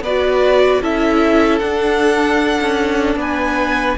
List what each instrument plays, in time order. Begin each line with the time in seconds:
0.00 cello B3, violin B4 D5
0.06 viola F#4
0.82 cello C#4, viola E4, violin A4 E5
1.59 cello D4, viola D4, violin F#5
2.61 cello C#4
3.16 cello B3, violin B4 G#5